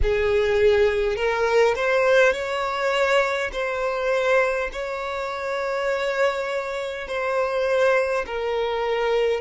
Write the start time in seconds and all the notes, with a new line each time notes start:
0.02 G#4
1.16 A#4
1.75 C5
2.33 C#5
3.52 C5
4.72 C#5
7.07 C5
8.26 A#4